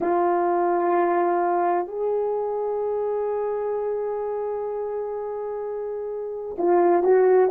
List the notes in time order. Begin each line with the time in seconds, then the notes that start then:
0.00 F4
1.87 G#4
6.58 F4
7.03 F#4